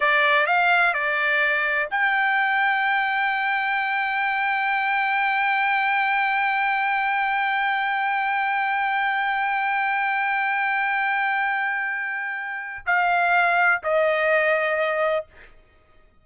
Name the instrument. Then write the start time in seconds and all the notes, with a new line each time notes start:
trumpet
0.00 D5
0.46 F5
0.93 D5
1.90 G5
12.86 F5
13.83 D#5